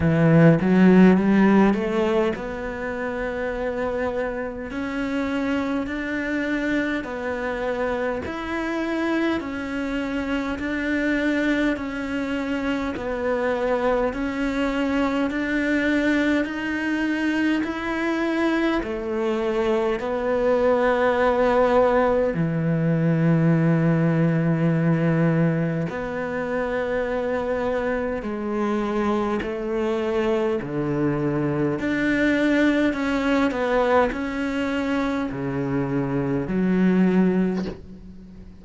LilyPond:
\new Staff \with { instrumentName = "cello" } { \time 4/4 \tempo 4 = 51 e8 fis8 g8 a8 b2 | cis'4 d'4 b4 e'4 | cis'4 d'4 cis'4 b4 | cis'4 d'4 dis'4 e'4 |
a4 b2 e4~ | e2 b2 | gis4 a4 d4 d'4 | cis'8 b8 cis'4 cis4 fis4 | }